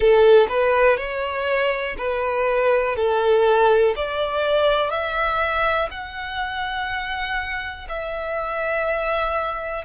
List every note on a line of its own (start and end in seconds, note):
0.00 0.46 A4
0.48 0.97 B4
0.97 1.95 C#5
1.97 2.96 B4
2.96 3.94 A4
3.96 4.90 D5
4.90 5.88 E5
5.91 7.87 F#5
7.88 9.84 E5